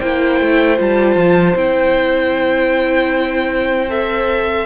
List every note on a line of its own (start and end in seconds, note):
0.00 0.40 A#3
0.00 0.77 E4
0.00 4.66 C5
0.00 0.78 G5
0.40 0.79 A3
0.77 1.16 G3
0.77 1.55 F4
0.77 1.57 A5
1.16 1.55 F3
1.55 4.66 C4
1.55 3.89 E4
1.55 3.90 G5
3.89 4.66 A4
3.89 4.66 E5